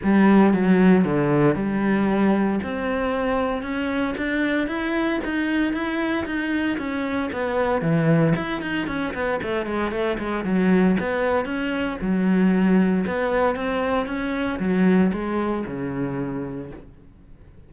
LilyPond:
\new Staff \with { instrumentName = "cello" } { \time 4/4 \tempo 4 = 115 g4 fis4 d4 g4~ | g4 c'2 cis'4 | d'4 e'4 dis'4 e'4 | dis'4 cis'4 b4 e4 |
e'8 dis'8 cis'8 b8 a8 gis8 a8 gis8 | fis4 b4 cis'4 fis4~ | fis4 b4 c'4 cis'4 | fis4 gis4 cis2 | }